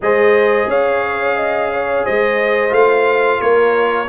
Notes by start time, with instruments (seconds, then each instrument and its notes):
0.01 tuba G#3, trombone G#4, horn C5, trumpet D#5
0.67 tuba C#4, horn C#5, trumpet F5
1.36 horn D#5
1.72 horn C#5
2.04 tuba G#3, horn C5, trumpet D#5
2.69 tuba A3, trombone F4, trumpet F5
3.40 tuba A#3, horn A#4, trumpet C#5